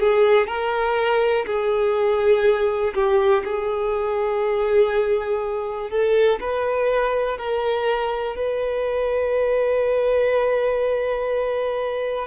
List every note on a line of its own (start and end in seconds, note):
0.00 0.47 G#4
0.47 1.45 A#4
1.46 2.94 G#4
2.94 3.43 G4
3.45 5.90 G#4
5.90 6.39 A4
6.40 7.38 B4
7.38 8.36 A#4
8.36 12.27 B4